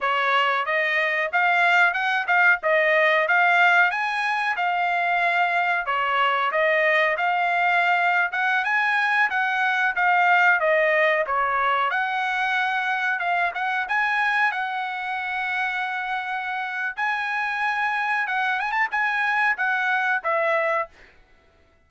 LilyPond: \new Staff \with { instrumentName = "trumpet" } { \time 4/4 \tempo 4 = 92 cis''4 dis''4 f''4 fis''8 f''8 | dis''4 f''4 gis''4 f''4~ | f''4 cis''4 dis''4 f''4~ | f''8. fis''8 gis''4 fis''4 f''8.~ |
f''16 dis''4 cis''4 fis''4.~ fis''16~ | fis''16 f''8 fis''8 gis''4 fis''4.~ fis''16~ | fis''2 gis''2 | fis''8 gis''16 a''16 gis''4 fis''4 e''4 | }